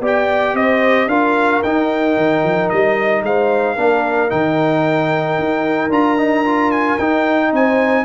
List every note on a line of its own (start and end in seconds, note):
0.00 0.53 B3
0.00 1.09 G4
0.00 0.55 D5
0.00 0.55 G5
0.53 1.07 C4
0.53 1.09 C5
0.53 1.08 D#5
1.07 1.60 D4
1.07 1.62 F4
1.07 3.23 A#4
1.07 1.62 F5
1.62 2.17 D#4
1.62 3.76 D#4
1.62 2.69 G5
2.17 2.43 D#3
2.43 2.70 F3
2.69 3.22 G3
2.69 3.22 D#5
3.22 3.76 G#3
3.22 3.75 C5
3.22 4.30 F5
3.75 4.30 A#3
3.75 4.29 D4
3.75 7.50 A#4
4.29 5.38 D#3
4.29 5.89 D#4
4.29 5.90 G5
5.38 5.89 D#4
5.89 6.96 D4
5.89 6.17 F4
5.89 6.71 A#5
6.18 6.44 D#4
6.45 6.98 F4
6.71 6.98 G#5
6.98 7.52 D#4
6.98 8.05 D#4
6.98 7.51 G5
7.51 8.05 C4
7.51 8.05 C5
7.51 8.05 G#5